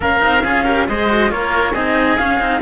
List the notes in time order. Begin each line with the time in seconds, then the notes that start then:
0.00 A#3 C#4 A#4 F5
0.20 C4 D#4
0.43 C#4 F4 G#4
0.64 G4 A#4
0.87 G#3 G#4 C5 D#5
1.09 F#4
1.29 A#3 F4 A#4 C#5
1.72 C4 D#4 G#4 D#5
2.17 C#4 F5
2.39 C4 D#4